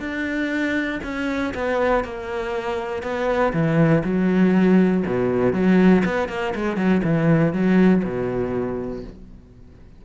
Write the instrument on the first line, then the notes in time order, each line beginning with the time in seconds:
cello
0.00 D4
1.04 C#4
1.54 B3
2.04 A#3
3.03 B3
3.53 E3
4.04 F#3
5.06 B2
5.53 F#3
6.05 B3
6.29 A#3
6.55 G#3
6.77 F#3
7.04 E3
7.53 F#3
8.04 B2